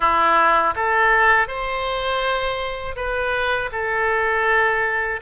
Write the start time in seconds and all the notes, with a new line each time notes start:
0.00 E4
0.75 A4
1.47 C5
2.96 B4
3.72 A4